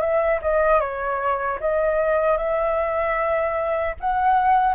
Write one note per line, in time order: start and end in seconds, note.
0.00 0.39 E5
0.42 0.80 D#5
0.80 1.59 C#5
1.60 2.37 D#5
2.37 3.95 E5
4.00 4.74 F#5